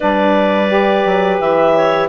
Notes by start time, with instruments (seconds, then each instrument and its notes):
0.00 bassoon G3, saxophone D4, clarinet B4 D5
0.69 saxophone G4
1.05 bassoon F#3
1.40 bassoon E3, clarinet E5
1.75 clarinet C#5